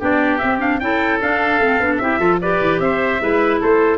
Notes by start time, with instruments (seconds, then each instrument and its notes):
0.00 tuba B3, clarinet D4, oboe G4, trumpet D5
0.39 tuba C4, clarinet C4, trumpet E5
0.60 clarinet D4, trumpet F5
0.80 tuba C#4, clarinet E4, oboe A4, trumpet G5
1.21 clarinet D4, tuba D4, trumpet F5
1.59 tuba A3, clarinet C4
1.80 tuba B3, clarinet D4
1.98 tuba C4, clarinet E4, oboe G4, trumpet E5
2.19 tuba F3, clarinet F4, oboe A4
2.42 clarinet G4, oboe B4, trumpet D5
2.62 tuba E3
2.80 tuba C4, oboe C5, trumpet E5
3.21 tuba G#3, clarinet E4, oboe B4
3.61 tuba A3, oboe A4, trumpet C5